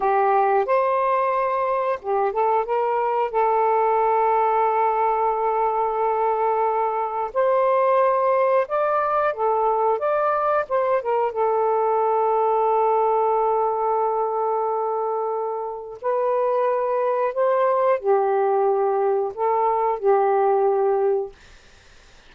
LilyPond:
\new Staff \with { instrumentName = "saxophone" } { \time 4/4 \tempo 4 = 90 g'4 c''2 g'8 a'8 | ais'4 a'2.~ | a'2. c''4~ | c''4 d''4 a'4 d''4 |
c''8 ais'8 a'2.~ | a'1 | b'2 c''4 g'4~ | g'4 a'4 g'2 | }